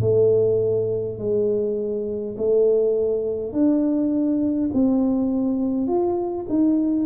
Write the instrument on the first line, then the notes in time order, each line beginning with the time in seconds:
tuba
0.00 A3
1.18 G#3
2.37 A3
3.52 D4
4.73 C4
5.87 F4
6.49 D#4